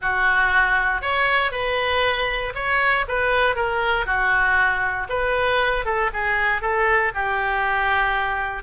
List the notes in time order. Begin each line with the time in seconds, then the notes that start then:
0.01 F#4
1.01 C#5
1.51 B4
2.54 C#5
3.08 B4
3.55 A#4
4.06 F#4
5.09 B4
5.85 A4
6.13 G#4
6.61 A4
7.14 G4